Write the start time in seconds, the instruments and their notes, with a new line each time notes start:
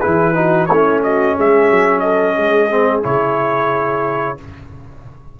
0.00 tuba E3, trombone E4, horn G#4, trumpet B4
0.34 trombone D#4, horn F#4
0.66 tuba A3, horn E4, trumpet C#5
0.72 trombone C#4
1.03 horn F#4, trumpet D#5
1.36 tuba G#3, horn G#4, trumpet E5
1.70 tuba F#3
1.99 horn A4, trumpet D#5
2.36 tuba G#3, horn G#4
2.70 trombone C4
3.02 tuba C#3, trombone E4, trumpet C#5